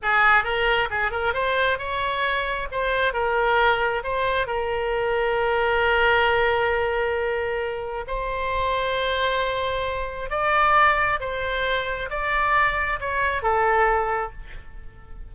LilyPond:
\new Staff \with { instrumentName = "oboe" } { \time 4/4 \tempo 4 = 134 gis'4 ais'4 gis'8 ais'8 c''4 | cis''2 c''4 ais'4~ | ais'4 c''4 ais'2~ | ais'1~ |
ais'2 c''2~ | c''2. d''4~ | d''4 c''2 d''4~ | d''4 cis''4 a'2 | }